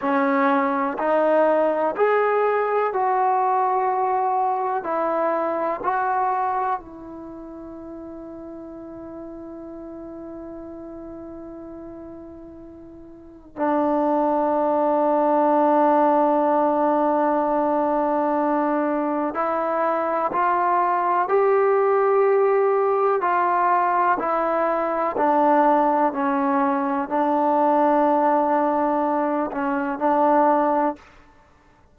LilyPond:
\new Staff \with { instrumentName = "trombone" } { \time 4/4 \tempo 4 = 62 cis'4 dis'4 gis'4 fis'4~ | fis'4 e'4 fis'4 e'4~ | e'1~ | e'2 d'2~ |
d'1 | e'4 f'4 g'2 | f'4 e'4 d'4 cis'4 | d'2~ d'8 cis'8 d'4 | }